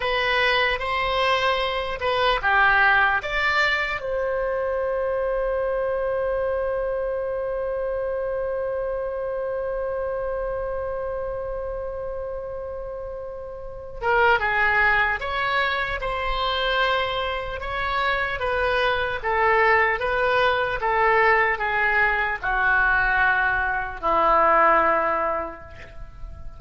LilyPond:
\new Staff \with { instrumentName = "oboe" } { \time 4/4 \tempo 4 = 75 b'4 c''4. b'8 g'4 | d''4 c''2.~ | c''1~ | c''1~ |
c''4. ais'8 gis'4 cis''4 | c''2 cis''4 b'4 | a'4 b'4 a'4 gis'4 | fis'2 e'2 | }